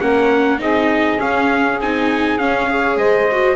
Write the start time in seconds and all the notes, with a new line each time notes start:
0.00 A#3 C#4 A#4 F#5
0.59 C4 D#4 G#4 D#5
1.18 C#4 F5
1.80 C4 D#4 G#5
2.38 C#4 F5
2.69 G#4 C#5
2.96 G#3 C5 D#5
3.31 F#4